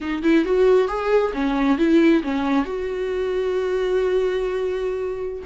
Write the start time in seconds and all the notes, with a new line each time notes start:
0.01 D#4
0.22 E4
0.44 F#4
0.88 G#4
1.33 C#4
1.78 E4
2.23 C#4
2.65 F#4